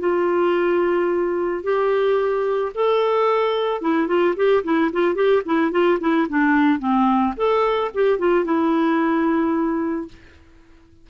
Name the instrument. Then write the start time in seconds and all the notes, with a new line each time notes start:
clarinet
0.00 F4
1.64 G4
2.75 A4
3.82 E4
4.08 F4
4.36 G4
4.64 E4
4.93 F4
5.15 G4
5.46 E4
5.71 F4
6.00 E4
6.29 D4
6.79 C4
7.37 A4
7.95 G4
8.19 F4
8.45 E4